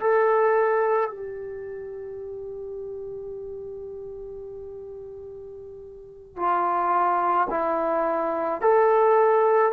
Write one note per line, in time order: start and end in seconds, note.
0.00 1.10 A4
1.10 6.36 G4
6.36 7.47 F4
7.50 8.61 E4
8.61 9.72 A4